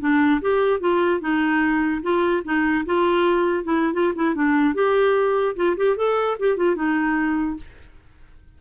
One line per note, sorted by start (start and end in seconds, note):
0.00 0.41 D4
0.41 0.80 G4
0.80 1.20 F4
1.20 2.01 D#4
2.02 2.43 F4
2.44 2.85 D#4
2.85 3.64 F4
3.64 3.93 E4
3.93 4.13 F4
4.15 4.35 E4
4.35 4.74 D4
4.74 5.55 G4
5.56 5.76 F4
5.77 5.96 G4
5.96 6.37 A4
6.39 6.57 G4
6.57 6.76 F4
6.76 7.57 D#4